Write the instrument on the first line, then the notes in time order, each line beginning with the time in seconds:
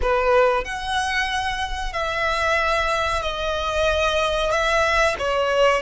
violin
0.01 B4
0.64 F#5
1.92 E5
3.22 D#5
4.51 E5
5.18 C#5